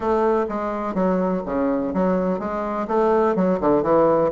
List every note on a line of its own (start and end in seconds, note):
0.00 0.46 A3
0.48 0.94 G#3
0.94 1.42 F#3
1.45 1.93 C#3
1.93 2.39 F#3
2.39 2.87 G#3
2.87 3.35 A3
3.35 3.59 F#3
3.60 3.82 D3
3.82 4.30 E3